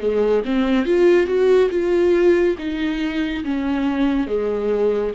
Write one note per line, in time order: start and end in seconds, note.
0.00 0.43 G#3
0.45 0.85 C4
0.85 1.27 F4
1.27 1.69 F#4
1.71 2.56 F4
2.58 3.44 D#4
3.44 4.27 C#4
4.27 5.13 G#3